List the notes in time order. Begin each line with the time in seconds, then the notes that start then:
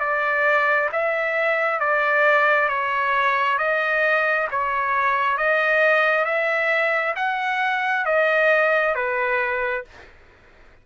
0.00 D5
0.92 E5
1.80 D5
2.69 C#5
3.58 D#5
4.51 C#5
5.37 D#5
6.25 E5
7.16 F#5
8.06 D#5
8.95 B4